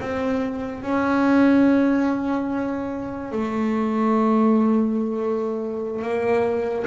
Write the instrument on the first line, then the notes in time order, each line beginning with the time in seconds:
double bass
0.00 C4
0.82 C#4
3.31 A3
6.02 A#3